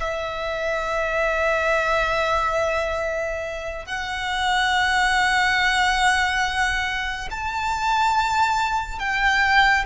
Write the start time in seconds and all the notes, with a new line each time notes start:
0.00 E5
3.85 F#5
7.30 A5
8.99 G5